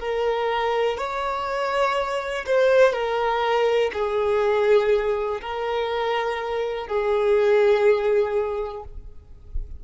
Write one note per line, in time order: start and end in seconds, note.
0.00 0.98 A#4
0.98 2.45 C#5
2.46 2.93 C5
2.93 3.92 A#4
3.94 5.41 G#4
5.42 6.88 A#4
6.88 8.84 G#4